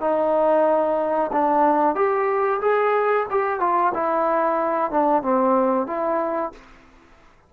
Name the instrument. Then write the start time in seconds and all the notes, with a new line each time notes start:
trombone
0.00 D#4
1.32 D4
1.95 G4
2.61 G#4
3.30 G4
3.60 F4
3.94 E4
4.90 D4
5.22 C4
5.87 E4